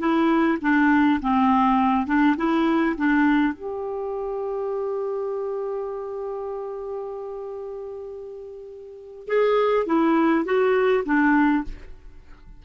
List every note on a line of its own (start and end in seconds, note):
0.00 0.59 E4
0.62 1.21 D4
1.22 2.07 C4
2.07 2.36 D4
2.37 2.96 E4
2.98 3.54 D4
3.54 9.28 G4
9.28 9.86 G#4
9.86 10.45 E4
10.45 11.04 F#4
11.06 11.64 D4